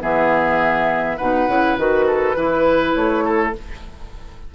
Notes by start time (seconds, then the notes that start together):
0.00 E3 B3 G#4 E5
1.17 B2 D#4 B4 F#5
1.48 C#3 E4
1.77 D#3 F#4 B4
2.07 A4
2.35 E3 E4 B4
2.94 A3 C#5
3.25 A4